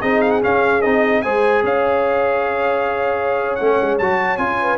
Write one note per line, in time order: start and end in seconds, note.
0.00 0.43 C4
0.00 0.41 D#4
0.00 1.22 G#4
0.00 0.21 D#5
0.21 0.31 F5
0.31 0.41 F#5
0.41 0.82 C#4
0.41 0.84 C#4
0.41 0.81 F5
0.81 1.24 C4
0.81 1.24 D#4
0.81 1.22 D#5
1.22 1.63 G#3
1.22 3.59 G#4
1.22 1.63 C5
1.22 1.62 G#5
1.63 3.57 C#4
1.63 4.60 C#5
1.63 3.55 F5
3.55 3.80 A3
3.55 4.00 C#4
3.55 3.95 F#5
3.81 3.99 G#3
3.98 4.37 F#3
3.98 4.38 F#4
3.98 4.37 A5
4.37 4.78 C#4
4.37 4.78 F4
4.37 4.78 G#5
4.60 4.78 B4